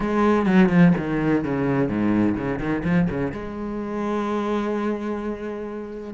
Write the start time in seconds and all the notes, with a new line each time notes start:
0.00 G#3
0.46 F#3
0.69 F3
0.97 D#3
1.44 C#3
1.89 G#2
2.36 C#3
2.59 D#3
2.84 F3
3.09 C#3
3.32 G#3